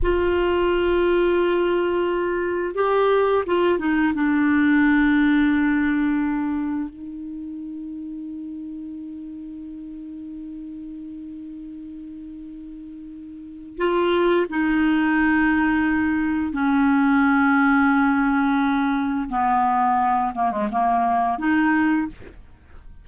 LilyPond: \new Staff \with { instrumentName = "clarinet" } { \time 4/4 \tempo 4 = 87 f'1 | g'4 f'8 dis'8 d'2~ | d'2 dis'2~ | dis'1~ |
dis'1 | f'4 dis'2. | cis'1 | b4. ais16 gis16 ais4 dis'4 | }